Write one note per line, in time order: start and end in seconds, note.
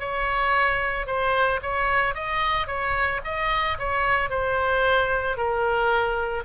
0.00 1.07 C#5
1.07 1.60 C5
1.62 2.15 C#5
2.15 2.68 D#5
2.68 3.21 C#5
3.25 3.78 D#5
3.79 4.30 C#5
4.30 5.37 C5
5.37 6.44 A#4